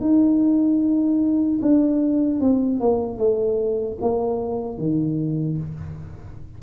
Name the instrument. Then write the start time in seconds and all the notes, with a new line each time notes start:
tuba
0.00 D#4
1.61 D4
2.40 C4
2.80 A#3
3.18 A3
4.01 A#3
4.77 D#3